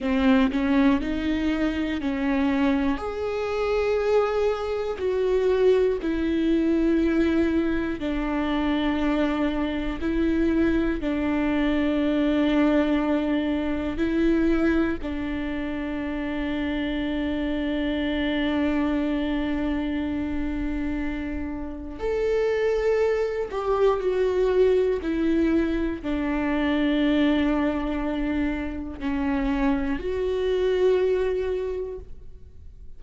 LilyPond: \new Staff \with { instrumentName = "viola" } { \time 4/4 \tempo 4 = 60 c'8 cis'8 dis'4 cis'4 gis'4~ | gis'4 fis'4 e'2 | d'2 e'4 d'4~ | d'2 e'4 d'4~ |
d'1~ | d'2 a'4. g'8 | fis'4 e'4 d'2~ | d'4 cis'4 fis'2 | }